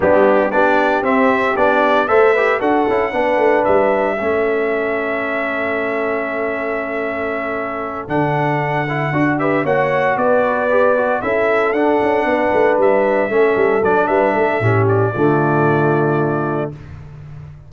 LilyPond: <<
  \new Staff \with { instrumentName = "trumpet" } { \time 4/4 \tempo 4 = 115 g'4 d''4 e''4 d''4 | e''4 fis''2 e''4~ | e''1~ | e''2.~ e''8 fis''8~ |
fis''2 e''8 fis''4 d''8~ | d''4. e''4 fis''4.~ | fis''8 e''2 d''8 e''4~ | e''8 d''2.~ d''8 | }
  \new Staff \with { instrumentName = "horn" } { \time 4/4 d'4 g'2. | c''8 b'8 a'4 b'2 | a'1~ | a'1~ |
a'2 b'8 cis''4 b'8~ | b'4. a'2 b'8~ | b'4. a'4. b'8 a'8 | g'4 f'2. | }
  \new Staff \with { instrumentName = "trombone" } { \time 4/4 b4 d'4 c'4 d'4 | a'8 g'8 fis'8 e'8 d'2 | cis'1~ | cis'2.~ cis'8 d'8~ |
d'4 e'8 fis'8 g'8 fis'4.~ | fis'8 g'8 fis'8 e'4 d'4.~ | d'4. cis'4 d'4. | cis'4 a2. | }
  \new Staff \with { instrumentName = "tuba" } { \time 4/4 g4 b4 c'4 b4 | a4 d'8 cis'8 b8 a8 g4 | a1~ | a2.~ a8 d8~ |
d4. d'4 ais4 b8~ | b4. cis'4 d'8 cis'8 b8 | a8 g4 a8 g8 fis8 g8 a8 | a,4 d2. | }
>>